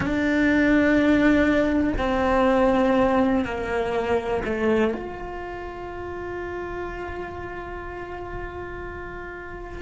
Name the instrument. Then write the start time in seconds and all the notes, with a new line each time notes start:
cello
0.00 D4
1.98 C4
3.44 A#3
4.44 A3
4.93 F4